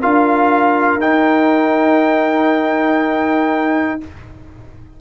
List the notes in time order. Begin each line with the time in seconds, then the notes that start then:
0.00 D4 F4 A#4 F5
0.97 D#4 G5